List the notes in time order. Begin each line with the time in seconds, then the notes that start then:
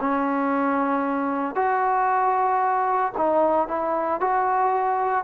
0.00 C#4
1.55 F#4
3.17 D#4
3.68 E4
4.21 F#4